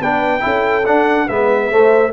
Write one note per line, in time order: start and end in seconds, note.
0.00 0.43 B3
0.00 0.40 D4
0.00 0.43 B4
0.00 0.86 G5
0.40 0.86 C#4
0.40 0.82 E4
0.40 1.27 A4
0.86 1.29 D4
0.86 1.28 F#5
1.27 1.70 G#3
1.27 1.71 B3
1.27 1.69 B4
1.27 2.13 E5
1.70 2.13 A3
1.70 2.13 C5